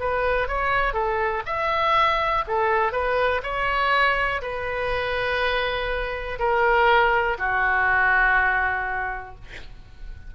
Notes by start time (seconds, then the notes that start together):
0.00 B4
0.48 C#5
0.94 A4
1.46 E5
2.48 A4
2.92 B4
3.43 C#5
4.42 B4
6.39 A#4
7.39 F#4